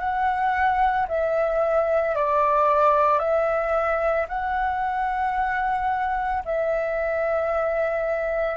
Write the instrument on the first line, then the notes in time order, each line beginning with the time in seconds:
flute
0.00 F#5
1.09 E5
2.16 D5
3.19 E5
4.29 F#5
6.45 E5